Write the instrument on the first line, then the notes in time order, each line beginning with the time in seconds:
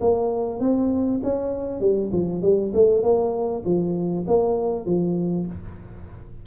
tuba
0.00 A#3
0.60 C4
1.23 C#4
1.80 G3
2.12 F3
2.42 G3
2.74 A3
3.02 A#3
3.65 F3
4.27 A#3
4.85 F3